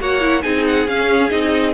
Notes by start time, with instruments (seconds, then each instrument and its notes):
0.00 cello A#3, viola F#4, violin C#5 F#5
0.21 viola E4
0.42 cello C4, viola D#4, violin G#4 G#5
0.67 violin F#5
0.87 cello C#4, viola C#4, violin F5
1.29 cello C4, viola D#4, violin D#5